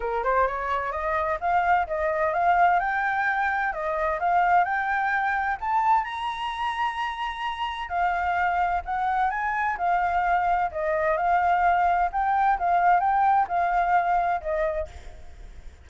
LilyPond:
\new Staff \with { instrumentName = "flute" } { \time 4/4 \tempo 4 = 129 ais'8 c''8 cis''4 dis''4 f''4 | dis''4 f''4 g''2 | dis''4 f''4 g''2 | a''4 ais''2.~ |
ais''4 f''2 fis''4 | gis''4 f''2 dis''4 | f''2 g''4 f''4 | g''4 f''2 dis''4 | }